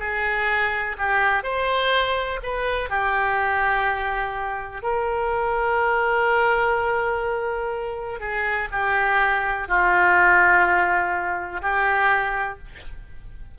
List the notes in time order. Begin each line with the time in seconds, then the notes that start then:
0.00 G#4
0.99 G4
1.44 C5
2.43 B4
2.90 G4
4.83 A#4
8.20 G#4
8.72 G4
9.69 F4
11.62 G4